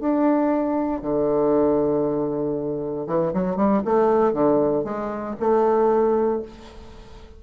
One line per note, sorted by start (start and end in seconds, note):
0.00 1.02 D4
1.02 3.07 D3
3.07 3.33 E3
3.34 3.57 F#3
3.57 3.82 G3
3.86 4.34 A3
4.34 4.84 D3
4.84 5.36 G#3
5.40 6.43 A3